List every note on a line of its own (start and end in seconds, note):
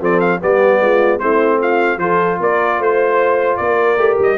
0.00 0.41 F3
0.00 0.40 C4
0.00 0.40 A4
0.00 0.20 D5
0.20 0.40 F5
0.40 0.80 G3
0.40 1.20 B3
0.40 0.80 G4
0.40 1.19 D5
0.80 1.20 G#3
0.80 1.21 F4
1.19 1.97 A3
1.19 1.99 C4
1.19 1.59 E4
1.19 1.59 C5
1.59 1.99 F4
1.59 1.99 F5
1.97 2.37 F3
1.97 3.98 F4
1.97 2.40 A4
1.97 2.39 C5
2.40 2.79 A#3
2.40 2.79 A#4
2.40 2.82 D5
2.79 3.59 A3
2.79 3.59 C5
2.79 3.57 C5
3.57 3.97 A#3
3.57 4.38 A#4
3.57 4.17 D5
3.97 4.17 A3
3.97 4.38 G4
4.19 4.38 G3
4.19 4.38 D#5